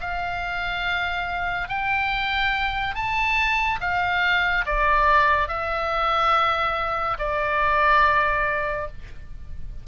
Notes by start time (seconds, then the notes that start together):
0.00 F5
1.69 G5
2.95 A5
3.80 F5
4.65 D5
5.48 E5
7.18 D5